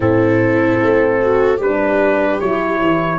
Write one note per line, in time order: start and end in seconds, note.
0.00 0.80 A2
0.00 1.59 C4
0.00 1.20 E4
0.00 1.61 A4
0.81 1.59 A3
1.21 1.57 F#4
1.57 2.39 G3
1.57 3.17 G4
1.57 2.40 B4
1.63 2.41 D4
2.40 2.81 F#3
2.40 3.18 E4
2.40 3.18 C#5
2.81 3.18 E3